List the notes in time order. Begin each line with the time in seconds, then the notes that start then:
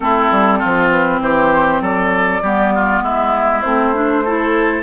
0.00 A3 C4 E4 A4
0.31 G3
0.58 F3 F4
0.91 B4
1.20 E3 G4 C5
1.80 F#3 A4 D5
2.42 G3 B3 G4
2.74 F4
3.02 G#3 E4 E5
3.61 A3 C4 C5
3.94 D4
4.24 E4 A4